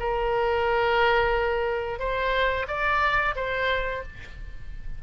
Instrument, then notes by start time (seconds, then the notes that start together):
oboe
0.00 A#4
1.99 C5
2.68 D5
3.36 C5